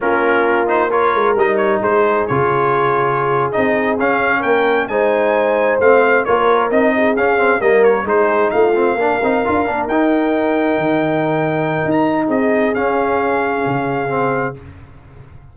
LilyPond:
<<
  \new Staff \with { instrumentName = "trumpet" } { \time 4/4 \tempo 4 = 132 ais'4. c''8 cis''4 dis''8 cis''8 | c''4 cis''2~ cis''8. dis''16~ | dis''8. f''4 g''4 gis''4~ gis''16~ | gis''8. f''4 cis''4 dis''4 f''16~ |
f''8. dis''8 cis''8 c''4 f''4~ f''16~ | f''4.~ f''16 g''2~ g''16~ | g''2~ g''16 ais''8. dis''4 | f''1 | }
  \new Staff \with { instrumentName = "horn" } { \time 4/4 f'2 ais'2 | gis'1~ | gis'4.~ gis'16 ais'4 c''4~ c''16~ | c''4.~ c''16 ais'4. gis'8.~ |
gis'8. ais'4 gis'4 f'4 ais'16~ | ais'1~ | ais'2. gis'4~ | gis'1 | }
  \new Staff \with { instrumentName = "trombone" } { \time 4/4 cis'4. dis'8 f'4 dis'4~ | dis'4 f'2~ f'8. dis'16~ | dis'8. cis'2 dis'4~ dis'16~ | dis'8. c'4 f'4 dis'4 cis'16~ |
cis'16 c'8 ais4 dis'4. c'8 d'16~ | d'16 dis'8 f'8 d'8 dis'2~ dis'16~ | dis'1 | cis'2. c'4 | }
  \new Staff \with { instrumentName = "tuba" } { \time 4/4 ais2~ ais8 gis8 g4 | gis4 cis2~ cis8. c'16~ | c'8. cis'4 ais4 gis4~ gis16~ | gis8. a4 ais4 c'4 cis'16~ |
cis'8. g4 gis4 a4 ais16~ | ais16 c'8 d'8 ais8 dis'2 dis16~ | dis2 dis'4 c'4 | cis'2 cis2 | }
>>